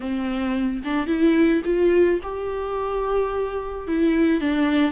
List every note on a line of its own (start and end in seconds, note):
0.00 0.82 C4
0.84 1.07 D4
1.07 1.62 E4
1.64 2.19 F4
2.22 3.87 G4
3.87 4.40 E4
4.40 4.91 D4